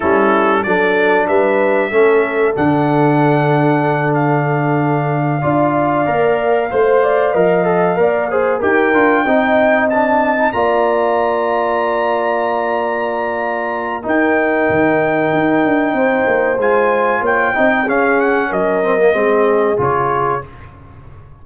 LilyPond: <<
  \new Staff \with { instrumentName = "trumpet" } { \time 4/4 \tempo 4 = 94 a'4 d''4 e''2 | fis''2~ fis''8 f''4.~ | f''1~ | f''4. g''2 a''8~ |
a''8 ais''2.~ ais''8~ | ais''2 g''2~ | g''2 gis''4 g''4 | f''8 fis''8 dis''2 cis''4 | }
  \new Staff \with { instrumentName = "horn" } { \time 4/4 e'4 a'4 b'4 a'4~ | a'1~ | a'8 d''2 c''8 d''8 dis''8~ | dis''8 d''8 c''8 ais'4 dis''4.~ |
dis''8 d''2.~ d''8~ | d''2 ais'2~ | ais'4 c''2 cis''8 dis''8 | gis'4 ais'4 gis'2 | }
  \new Staff \with { instrumentName = "trombone" } { \time 4/4 cis'4 d'2 cis'4 | d'1~ | d'8 f'4 ais'4 c''4 ais'8 | a'8 ais'8 gis'8 g'8 f'8 dis'4 d'8~ |
d'16 dis'16 f'2.~ f'8~ | f'2 dis'2~ | dis'2 f'4. dis'8 | cis'4. c'16 ais16 c'4 f'4 | }
  \new Staff \with { instrumentName = "tuba" } { \time 4/4 g4 fis4 g4 a4 | d1~ | d8 d'4 ais4 a4 f8~ | f8 ais4 dis'8 d'8 c'4.~ |
c'8 ais2.~ ais8~ | ais2 dis'4 dis4 | dis'8 d'8 c'8 ais8 gis4 ais8 c'8 | cis'4 fis4 gis4 cis4 | }
>>